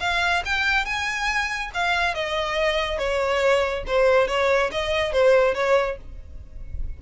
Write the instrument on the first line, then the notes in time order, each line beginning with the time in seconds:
violin
0.00 F5
0.45 G5
0.85 G#5
1.74 F5
2.14 D#5
2.99 C#5
3.87 C5
4.28 C#5
4.72 D#5
5.13 C5
5.55 C#5